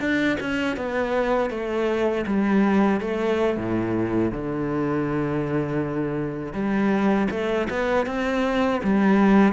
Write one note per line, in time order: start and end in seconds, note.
0.00 0.38 D4
0.40 0.76 C#4
0.76 1.50 B3
1.50 2.25 A3
2.26 3.00 G3
3.00 3.56 A3
3.57 4.32 A2
4.32 6.52 D3
6.52 7.27 G3
7.30 7.67 A3
7.69 8.06 B3
8.06 8.81 C4
8.83 9.53 G3